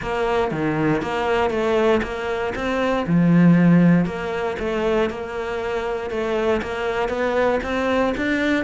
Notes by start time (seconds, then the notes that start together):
0.02 A#3
0.51 D#3
1.02 A#3
1.50 A3
2.02 A#3
2.55 C4
3.06 F3
4.05 A#3
4.59 A3
5.10 A#3
6.10 A3
6.62 A#3
7.08 B3
7.63 C4
8.17 D4